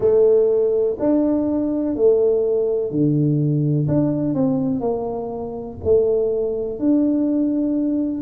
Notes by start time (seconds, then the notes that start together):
0.00 A3
0.99 D4
1.95 A3
2.90 D3
3.88 D4
4.34 C4
4.80 A#3
5.84 A3
6.79 D4